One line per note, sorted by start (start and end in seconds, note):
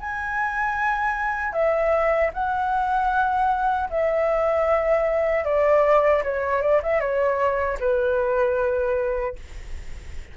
0.00 1.53 G#5
1.53 2.31 E5
2.34 3.90 F#5
3.90 5.45 E5
5.45 6.23 D5
6.23 6.62 C#5
6.62 6.81 D5
6.83 7.00 E5
7.00 7.78 C#5
7.80 9.36 B4